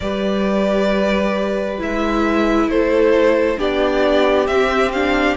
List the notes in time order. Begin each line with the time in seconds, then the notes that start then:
0.00 G3 G4 B4 D5
1.78 G#3 E4 E5
2.68 A3 A4 C5
3.57 B3 D4 G4 D5
4.46 C4 E5
4.92 D4 F5